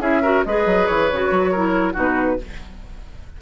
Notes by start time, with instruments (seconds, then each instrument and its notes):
0.00 bassoon C#4, clarinet E4, oboe G#4, flute E5
0.22 clarinet F#4, oboe A#4
0.45 bassoon G#3, clarinet G#4, oboe B4, flute D#5
0.66 bassoon F#3
0.87 bassoon E3, flute C#5
1.12 bassoon C#3, clarinet F#4
1.31 bassoon F#3
1.51 clarinet E4, oboe A#4
1.93 bassoon B2, clarinet D#4, oboe F#4, flute B4